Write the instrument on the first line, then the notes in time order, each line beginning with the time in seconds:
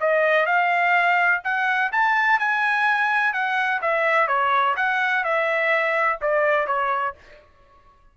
trumpet
0.00 D#5
0.46 F5
1.44 F#5
1.92 A5
2.39 G#5
3.33 F#5
3.82 E5
4.28 C#5
4.77 F#5
5.24 E5
6.21 D5
6.67 C#5